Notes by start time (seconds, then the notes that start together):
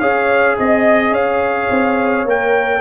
0.00 C#4 G#4 C#5 F5
0.58 C4 D#5
1.12 C#4 C#5 F5
1.71 C4
2.25 A#3 A#4 G5